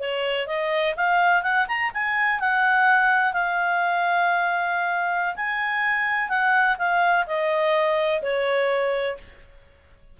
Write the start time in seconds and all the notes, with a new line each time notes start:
0.00 C#5
0.47 D#5
0.96 F5
1.43 F#5
1.68 A#5
1.94 G#5
2.40 F#5
3.33 F5
5.36 G#5
6.29 F#5
6.78 F5
7.27 D#5
8.22 C#5